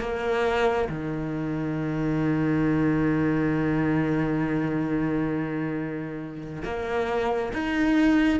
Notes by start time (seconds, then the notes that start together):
0.00 A#3
0.89 D#3
6.64 A#3
7.53 D#4